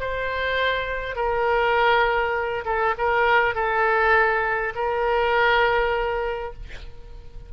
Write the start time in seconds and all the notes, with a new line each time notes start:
0.00 C5
1.16 A#4
2.65 A4
2.98 A#4
3.55 A4
4.75 A#4